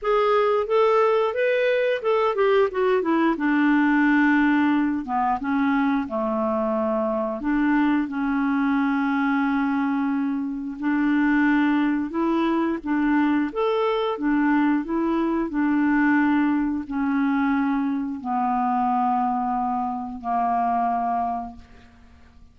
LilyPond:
\new Staff \with { instrumentName = "clarinet" } { \time 4/4 \tempo 4 = 89 gis'4 a'4 b'4 a'8 g'8 | fis'8 e'8 d'2~ d'8 b8 | cis'4 a2 d'4 | cis'1 |
d'2 e'4 d'4 | a'4 d'4 e'4 d'4~ | d'4 cis'2 b4~ | b2 ais2 | }